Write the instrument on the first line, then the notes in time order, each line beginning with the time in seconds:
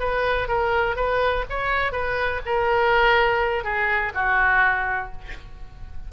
oboe
0.00 B4
0.48 A#4
0.96 B4
1.50 C#5
1.92 B4
2.46 A#4
3.64 G#4
4.15 F#4